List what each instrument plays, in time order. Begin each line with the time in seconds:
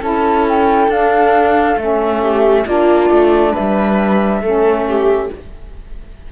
0.00 cello C#4, saxophone E4, viola A4, flute A5
0.49 flute G5
0.88 cello D4, saxophone D4, flute F5
1.77 cello A3, saxophone C#4, flute E5
2.21 viola G4
2.66 cello A#3, saxophone D4, viola F4, flute D5
3.10 cello A3
3.52 viola B4, flute E5
3.59 cello G3
4.42 cello A3, saxophone C#4, viola A4
4.89 viola G4